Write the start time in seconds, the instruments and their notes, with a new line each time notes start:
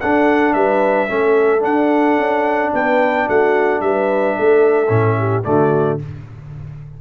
0.00 trombone D4, tuba D4, horn A4, trumpet F#5
0.53 tuba G3, horn B4, trumpet E5
1.08 tuba A3, trombone C#4, horn A4
1.60 trombone D4, tuba D4, trumpet F#5
2.18 tuba C#4
2.74 tuba B3, horn B4, trumpet G5
3.27 tuba A3, horn F#4, trumpet F#5
3.81 tuba G3, horn B4, trumpet E5
4.37 tuba A3, horn A4
4.89 tuba A2, trombone C#4
5.18 horn G4
5.44 tuba D3, trombone A3, horn F#4, trumpet D5